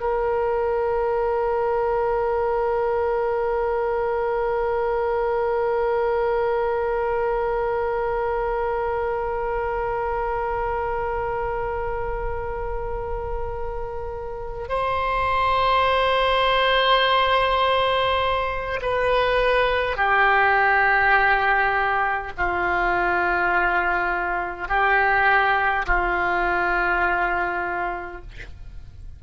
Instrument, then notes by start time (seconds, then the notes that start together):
oboe
0.00 A#4
14.68 C5
18.82 B4
19.96 G4
22.37 F4
24.68 G4
25.86 F4